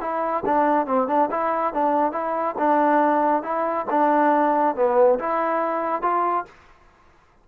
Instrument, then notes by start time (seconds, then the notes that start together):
trombone
0.00 E4
0.45 D4
0.86 C4
1.07 D4
1.30 E4
1.73 D4
2.12 E4
2.58 D4
3.42 E4
3.89 D4
4.75 B3
5.19 E4
6.02 F4